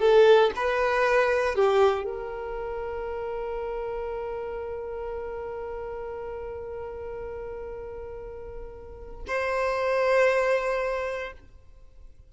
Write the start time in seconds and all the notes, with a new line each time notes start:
0.00 A4
0.56 B4
1.56 G4
2.05 A#4
9.28 C5